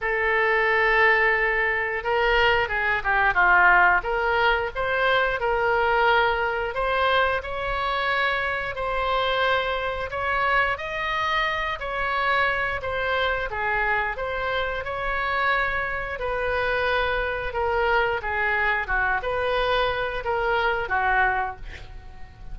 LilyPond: \new Staff \with { instrumentName = "oboe" } { \time 4/4 \tempo 4 = 89 a'2. ais'4 | gis'8 g'8 f'4 ais'4 c''4 | ais'2 c''4 cis''4~ | cis''4 c''2 cis''4 |
dis''4. cis''4. c''4 | gis'4 c''4 cis''2 | b'2 ais'4 gis'4 | fis'8 b'4. ais'4 fis'4 | }